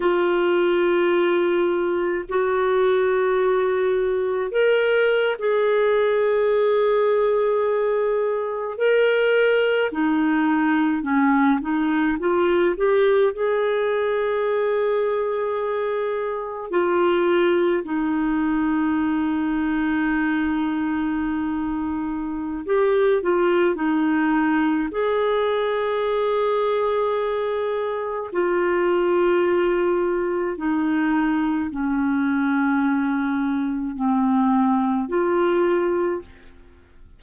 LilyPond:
\new Staff \with { instrumentName = "clarinet" } { \time 4/4 \tempo 4 = 53 f'2 fis'2 | ais'8. gis'2. ais'16~ | ais'8. dis'4 cis'8 dis'8 f'8 g'8 gis'16~ | gis'2~ gis'8. f'4 dis'16~ |
dis'1 | g'8 f'8 dis'4 gis'2~ | gis'4 f'2 dis'4 | cis'2 c'4 f'4 | }